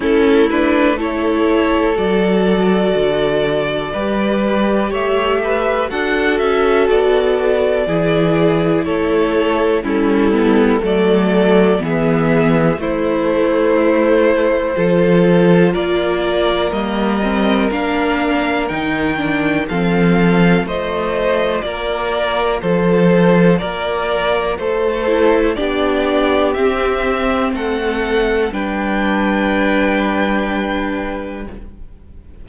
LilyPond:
<<
  \new Staff \with { instrumentName = "violin" } { \time 4/4 \tempo 4 = 61 a'8 b'8 cis''4 d''2~ | d''4 e''4 fis''8 e''8 d''4~ | d''4 cis''4 a'4 d''4 | e''4 c''2. |
d''4 dis''4 f''4 g''4 | f''4 dis''4 d''4 c''4 | d''4 c''4 d''4 e''4 | fis''4 g''2. | }
  \new Staff \with { instrumentName = "violin" } { \time 4/4 e'4 a'2. | b'4 cis''8 b'8 a'2 | gis'4 a'4 e'4 a'4 | gis'4 e'2 a'4 |
ais'1 | a'4 c''4 ais'4 a'4 | ais'4 a'4 g'2 | a'4 b'2. | }
  \new Staff \with { instrumentName = "viola" } { \time 4/4 cis'8 d'8 e'4 fis'2 | g'2 fis'2 | e'2 cis'8 b8 a4 | b4 a2 f'4~ |
f'4 ais8 c'8 d'4 dis'8 d'8 | c'4 f'2.~ | f'4. e'8 d'4 c'4~ | c'4 d'2. | }
  \new Staff \with { instrumentName = "cello" } { \time 4/4 a2 fis4 d4 | g4 a4 d'8 cis'8 b4 | e4 a4 g4 fis4 | e4 a2 f4 |
ais4 g4 ais4 dis4 | f4 a4 ais4 f4 | ais4 a4 b4 c'4 | a4 g2. | }
>>